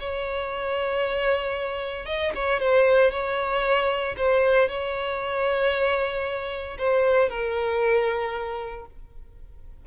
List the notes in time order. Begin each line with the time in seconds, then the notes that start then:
0.00 C#5
2.06 D#5
2.35 C#5
2.60 C5
3.11 C#5
4.17 C5
4.69 C#5
6.78 C5
7.29 A#4